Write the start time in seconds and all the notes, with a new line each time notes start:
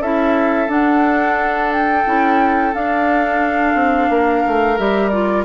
0.00 C#4 E4 A4 E5
0.68 D4 F#5
1.73 G5
2.05 C#4 E4
2.74 D4 F5
3.74 C4
4.09 A#3 A#4
4.47 A3
4.78 G3 G4 E5
5.09 F4 D5